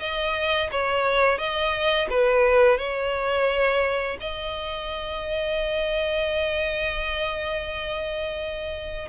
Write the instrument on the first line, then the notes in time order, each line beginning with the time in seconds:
violin
0.00 D#5
0.71 C#5
1.38 D#5
2.10 B4
2.78 C#5
4.20 D#5